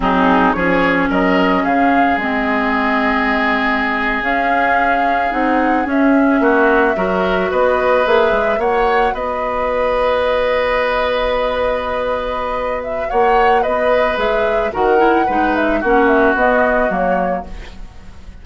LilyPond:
<<
  \new Staff \with { instrumentName = "flute" } { \time 4/4 \tempo 4 = 110 gis'4 cis''4 dis''4 f''4 | dis''2.~ dis''8. f''16~ | f''4.~ f''16 fis''4 e''4~ e''16~ | e''4.~ e''16 dis''4 e''4 fis''16~ |
fis''8. dis''2.~ dis''16~ | dis''2.~ dis''8 e''8 | fis''4 dis''4 e''4 fis''4~ | fis''8 e''8 fis''8 e''8 dis''4 cis''4 | }
  \new Staff \with { instrumentName = "oboe" } { \time 4/4 dis'4 gis'4 ais'4 gis'4~ | gis'1~ | gis'2.~ gis'8. fis'16~ | fis'8. ais'4 b'2 cis''16~ |
cis''8. b'2.~ b'16~ | b'1 | cis''4 b'2 ais'4 | b'4 fis'2. | }
  \new Staff \with { instrumentName = "clarinet" } { \time 4/4 c'4 cis'2. | c'2.~ c'8. cis'16~ | cis'4.~ cis'16 dis'4 cis'4~ cis'16~ | cis'8. fis'2 gis'4 fis'16~ |
fis'1~ | fis'1~ | fis'2 gis'4 fis'8 e'8 | dis'4 cis'4 b4 ais4 | }
  \new Staff \with { instrumentName = "bassoon" } { \time 4/4 fis4 f4 fis4 cis4 | gis2.~ gis8. cis'16~ | cis'4.~ cis'16 c'4 cis'4 ais16~ | ais8. fis4 b4 ais8 gis8 ais16~ |
ais8. b2.~ b16~ | b1 | ais4 b4 gis4 dis4 | gis4 ais4 b4 fis4 | }
>>